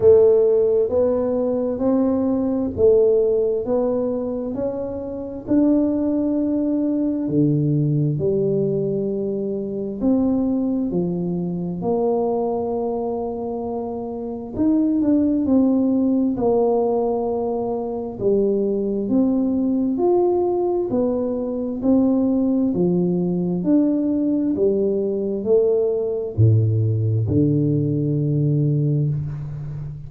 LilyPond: \new Staff \with { instrumentName = "tuba" } { \time 4/4 \tempo 4 = 66 a4 b4 c'4 a4 | b4 cis'4 d'2 | d4 g2 c'4 | f4 ais2. |
dis'8 d'8 c'4 ais2 | g4 c'4 f'4 b4 | c'4 f4 d'4 g4 | a4 a,4 d2 | }